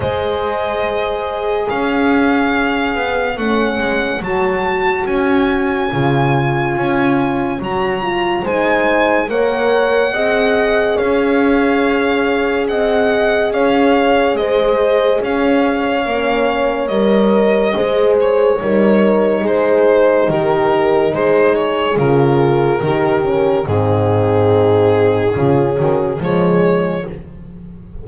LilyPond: <<
  \new Staff \with { instrumentName = "violin" } { \time 4/4 \tempo 4 = 71 dis''2 f''2 | fis''4 a''4 gis''2~ | gis''4 ais''4 gis''4 fis''4~ | fis''4 f''2 fis''4 |
f''4 dis''4 f''2 | dis''4. cis''4. c''4 | ais'4 c''8 cis''8 ais'2 | gis'2. cis''4 | }
  \new Staff \with { instrumentName = "horn" } { \time 4/4 c''2 cis''2~ | cis''1~ | cis''2 c''4 cis''4 | dis''4 cis''2 dis''4 |
cis''4 c''4 cis''2~ | cis''4 c''4 ais'4 gis'4 | g'4 gis'2 g'4 | dis'2 f'8 fis'8 gis'4 | }
  \new Staff \with { instrumentName = "horn" } { \time 4/4 gis'1 | cis'4 fis'2 f'4~ | f'4 fis'8 f'8 dis'4 ais'4 | gis'1~ |
gis'2. cis'4 | ais'4 gis'4 dis'2~ | dis'2 f'4 dis'8 cis'8 | c'2 cis'4 gis4 | }
  \new Staff \with { instrumentName = "double bass" } { \time 4/4 gis2 cis'4. b8 | a8 gis8 fis4 cis'4 cis4 | cis'4 fis4 gis4 ais4 | c'4 cis'2 c'4 |
cis'4 gis4 cis'4 ais4 | g4 gis4 g4 gis4 | dis4 gis4 cis4 dis4 | gis,2 cis8 dis8 f4 | }
>>